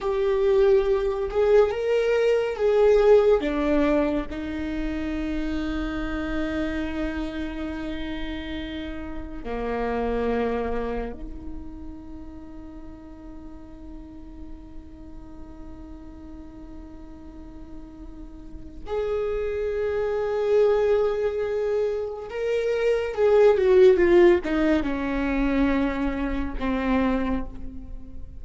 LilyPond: \new Staff \with { instrumentName = "viola" } { \time 4/4 \tempo 4 = 70 g'4. gis'8 ais'4 gis'4 | d'4 dis'2.~ | dis'2. ais4~ | ais4 dis'2.~ |
dis'1~ | dis'2 gis'2~ | gis'2 ais'4 gis'8 fis'8 | f'8 dis'8 cis'2 c'4 | }